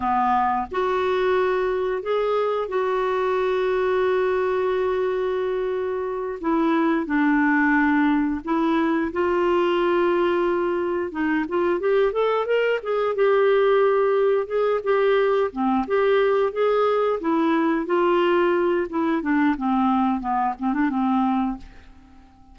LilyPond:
\new Staff \with { instrumentName = "clarinet" } { \time 4/4 \tempo 4 = 89 b4 fis'2 gis'4 | fis'1~ | fis'4. e'4 d'4.~ | d'8 e'4 f'2~ f'8~ |
f'8 dis'8 f'8 g'8 a'8 ais'8 gis'8 g'8~ | g'4. gis'8 g'4 c'8 g'8~ | g'8 gis'4 e'4 f'4. | e'8 d'8 c'4 b8 c'16 d'16 c'4 | }